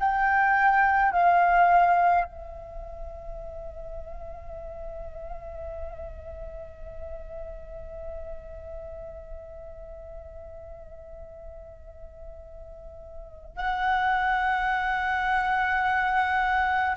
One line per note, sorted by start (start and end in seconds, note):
0.00 1.12 G5
1.12 2.25 F5
2.25 13.56 E5
13.56 16.96 F#5